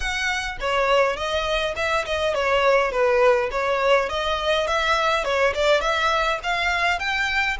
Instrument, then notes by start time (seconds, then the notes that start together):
violin
0.00 F#5
0.60 C#5
1.16 D#5
1.76 E5
2.05 D#5
2.34 C#5
2.91 B4
3.51 C#5
4.09 D#5
4.67 E5
5.24 C#5
5.54 D5
5.80 E5
6.43 F5
6.99 G5